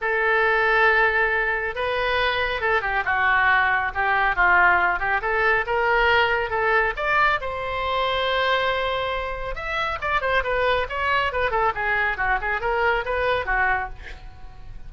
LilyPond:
\new Staff \with { instrumentName = "oboe" } { \time 4/4 \tempo 4 = 138 a'1 | b'2 a'8 g'8 fis'4~ | fis'4 g'4 f'4. g'8 | a'4 ais'2 a'4 |
d''4 c''2.~ | c''2 e''4 d''8 c''8 | b'4 cis''4 b'8 a'8 gis'4 | fis'8 gis'8 ais'4 b'4 fis'4 | }